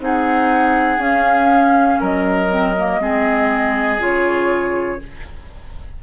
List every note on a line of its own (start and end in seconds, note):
0.00 0.98 C4
0.00 0.99 D#4
0.00 2.00 G#4
0.00 1.02 F#5
0.98 1.98 C#4
0.98 2.49 C#4
0.98 2.02 F5
2.00 3.00 F#3
2.00 3.00 A#4
2.00 4.03 D#5
2.49 2.74 C4
2.77 3.01 A#3
3.00 3.99 G#3
3.00 3.99 C4
3.00 5.02 G#4
3.99 4.99 C#3
3.99 4.99 F4
3.99 5.03 C#5